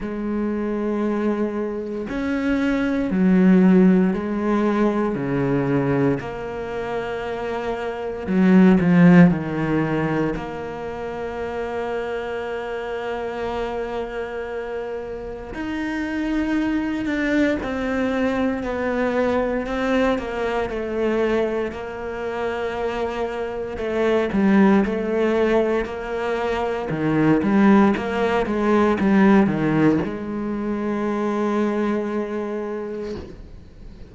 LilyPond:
\new Staff \with { instrumentName = "cello" } { \time 4/4 \tempo 4 = 58 gis2 cis'4 fis4 | gis4 cis4 ais2 | fis8 f8 dis4 ais2~ | ais2. dis'4~ |
dis'8 d'8 c'4 b4 c'8 ais8 | a4 ais2 a8 g8 | a4 ais4 dis8 g8 ais8 gis8 | g8 dis8 gis2. | }